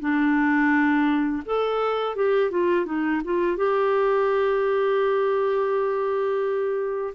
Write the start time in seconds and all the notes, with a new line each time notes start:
0.00 D4
1.46 A4
2.16 G4
2.51 F4
2.86 D#4
3.24 F4
3.57 G4